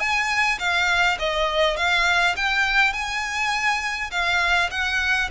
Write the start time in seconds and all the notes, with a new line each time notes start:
0.00 G#5
0.59 F5
1.19 D#5
1.77 F5
2.37 G5
2.93 G#5
4.11 F5
4.71 F#5